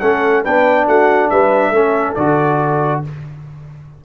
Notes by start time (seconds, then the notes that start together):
0.00 A3 C#4 A4 F#5
0.43 B3 D4 B4 G5
0.87 A3 F#4 F#5
1.29 G3 B4 E5
1.70 A3 C#4 A4
2.15 D3 F#4 D5